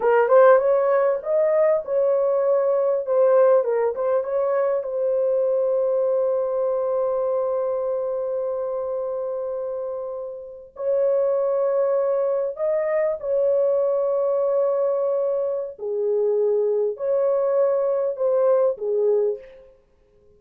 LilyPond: \new Staff \with { instrumentName = "horn" } { \time 4/4 \tempo 4 = 99 ais'8 c''8 cis''4 dis''4 cis''4~ | cis''4 c''4 ais'8 c''8 cis''4 | c''1~ | c''1~ |
c''4.~ c''16 cis''2~ cis''16~ | cis''8. dis''4 cis''2~ cis''16~ | cis''2 gis'2 | cis''2 c''4 gis'4 | }